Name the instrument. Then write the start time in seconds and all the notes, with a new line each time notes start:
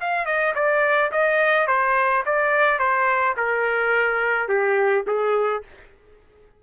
trumpet
0.00 F5
0.25 D#5
0.55 D5
1.11 D#5
1.67 C5
2.25 D5
2.79 C5
3.36 A#4
4.48 G4
5.06 G#4